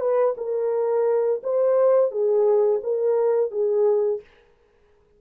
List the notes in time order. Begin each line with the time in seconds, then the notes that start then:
0.00 B4
0.37 A#4
1.43 C5
2.11 G#4
2.83 A#4
3.51 G#4